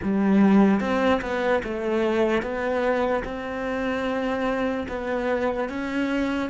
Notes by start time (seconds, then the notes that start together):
0.02 G3
0.80 C4
1.21 B3
1.63 A3
2.42 B3
3.24 C4
4.88 B3
5.69 C#4